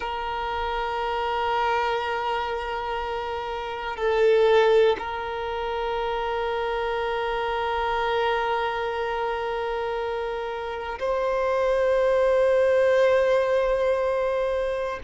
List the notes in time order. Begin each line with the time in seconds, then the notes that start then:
0.00 A#4
3.96 A4
4.98 A#4
10.99 C5